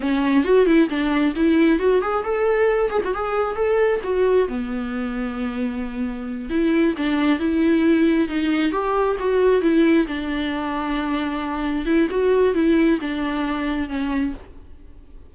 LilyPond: \new Staff \with { instrumentName = "viola" } { \time 4/4 \tempo 4 = 134 cis'4 fis'8 e'8 d'4 e'4 | fis'8 gis'8 a'4. gis'16 fis'16 gis'4 | a'4 fis'4 b2~ | b2~ b8 e'4 d'8~ |
d'8 e'2 dis'4 g'8~ | g'8 fis'4 e'4 d'4.~ | d'2~ d'8 e'8 fis'4 | e'4 d'2 cis'4 | }